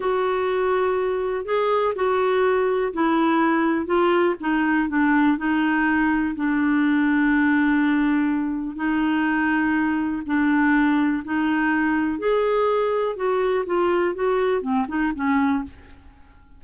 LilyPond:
\new Staff \with { instrumentName = "clarinet" } { \time 4/4 \tempo 4 = 123 fis'2. gis'4 | fis'2 e'2 | f'4 dis'4 d'4 dis'4~ | dis'4 d'2.~ |
d'2 dis'2~ | dis'4 d'2 dis'4~ | dis'4 gis'2 fis'4 | f'4 fis'4 c'8 dis'8 cis'4 | }